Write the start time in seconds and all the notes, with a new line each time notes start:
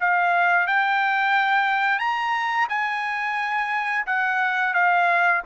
0.00 F5
0.67 G5
1.99 A#5
2.69 G#5
4.06 F#5
4.74 F5